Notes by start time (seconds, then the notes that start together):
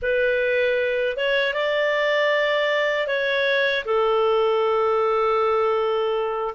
0.02 B4
1.16 C#5
1.53 D5
3.07 C#5
3.85 A4